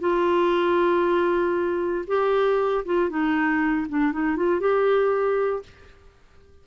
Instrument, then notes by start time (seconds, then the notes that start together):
clarinet
0.00 F4
2.07 G4
2.85 F4
3.10 D#4
3.89 D4
4.12 D#4
4.36 F4
4.60 G4